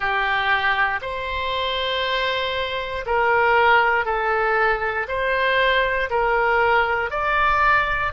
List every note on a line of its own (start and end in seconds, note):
0.00 1.00 G4
1.01 3.05 C5
3.06 4.04 A#4
4.04 5.06 A4
5.08 6.09 C5
6.10 7.10 A#4
7.10 8.12 D5